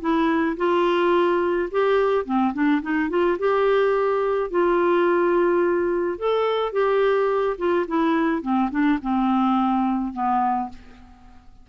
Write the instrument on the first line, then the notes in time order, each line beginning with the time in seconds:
clarinet
0.00 E4
0.57 F4
1.71 G4
2.25 C4
2.54 D4
2.82 D#4
3.09 F4
3.39 G4
4.50 F4
6.18 A4
6.72 G4
7.58 F4
7.88 E4
8.42 C4
8.71 D4
9.02 C4
10.13 B3